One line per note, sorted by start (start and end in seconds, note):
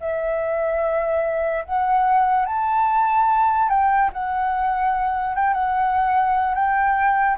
0.00 1.64 E5
1.64 2.45 F#5
2.45 3.69 A5
3.69 4.10 G5
4.12 5.35 F#5
5.35 5.53 G5
5.53 6.54 F#5
6.54 7.36 G5